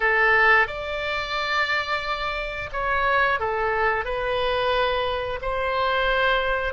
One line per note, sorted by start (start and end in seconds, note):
0.00 0.67 A4
0.67 2.69 D5
2.72 3.39 C#5
3.39 4.04 A4
4.04 5.39 B4
5.41 6.73 C5